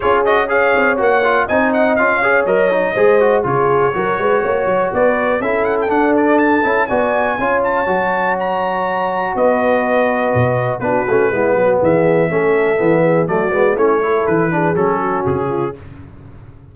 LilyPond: <<
  \new Staff \with { instrumentName = "trumpet" } { \time 4/4 \tempo 4 = 122 cis''8 dis''8 f''4 fis''4 gis''8 fis''8 | f''4 dis''2 cis''4~ | cis''2 d''4 e''8 fis''16 g''16 | fis''8 d''8 a''4 gis''4. a''8~ |
a''4 ais''2 dis''4~ | dis''2 b'2 | e''2. d''4 | cis''4 b'4 a'4 gis'4 | }
  \new Staff \with { instrumentName = "horn" } { \time 4/4 gis'4 cis''2 dis''4~ | dis''8 cis''4. c''4 gis'4 | ais'8 b'8 cis''4 b'4 a'4~ | a'2 d''4 cis''4~ |
cis''2. b'4~ | b'2 fis'4 e'8 fis'8 | gis'4 a'4. gis'8 fis'4 | e'8 a'4 gis'4 fis'4 f'8 | }
  \new Staff \with { instrumentName = "trombone" } { \time 4/4 f'8 fis'8 gis'4 fis'8 f'8 dis'4 | f'8 gis'8 ais'8 dis'8 gis'8 fis'8 f'4 | fis'2. e'4 | d'4. e'8 fis'4 f'4 |
fis'1~ | fis'2 d'8 cis'8 b4~ | b4 cis'4 b4 a8 b8 | cis'8 e'4 d'8 cis'2 | }
  \new Staff \with { instrumentName = "tuba" } { \time 4/4 cis'4. c'8 ais4 c'4 | cis'4 fis4 gis4 cis4 | fis8 gis8 ais8 fis8 b4 cis'4 | d'4. cis'8 b4 cis'4 |
fis2. b4~ | b4 b,4 b8 a8 gis8 fis8 | e4 a4 e4 fis8 gis8 | a4 e4 fis4 cis4 | }
>>